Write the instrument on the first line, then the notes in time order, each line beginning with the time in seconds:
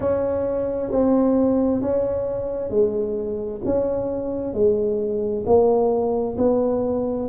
tuba
0.00 C#4
0.90 C4
1.81 C#4
2.70 G#3
3.64 C#4
4.53 G#3
5.45 A#3
6.37 B3